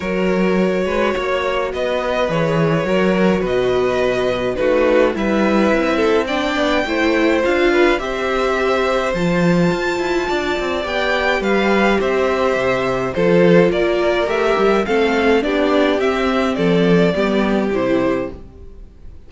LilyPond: <<
  \new Staff \with { instrumentName = "violin" } { \time 4/4 \tempo 4 = 105 cis''2. dis''4 | cis''2 dis''2 | b'4 e''2 g''4~ | g''4 f''4 e''2 |
a''2. g''4 | f''4 e''2 c''4 | d''4 e''4 f''4 d''4 | e''4 d''2 c''4 | }
  \new Staff \with { instrumentName = "violin" } { \time 4/4 ais'4. b'8 cis''4 b'4~ | b'4 ais'4 b'2 | fis'4 b'4. a'8 d''4 | c''4. b'8 c''2~ |
c''2 d''2 | b'4 c''2 a'4 | ais'2 a'4 g'4~ | g'4 a'4 g'2 | }
  \new Staff \with { instrumentName = "viola" } { \time 4/4 fis'1 | gis'4 fis'2. | dis'4 e'2 d'4 | e'4 f'4 g'2 |
f'2. g'4~ | g'2. f'4~ | f'4 g'4 c'4 d'4 | c'2 b4 e'4 | }
  \new Staff \with { instrumentName = "cello" } { \time 4/4 fis4. gis8 ais4 b4 | e4 fis4 b,2 | a4 g4 c'4. b8 | a4 d'4 c'2 |
f4 f'8 e'8 d'8 c'8 b4 | g4 c'4 c4 f4 | ais4 a8 g8 a4 b4 | c'4 f4 g4 c4 | }
>>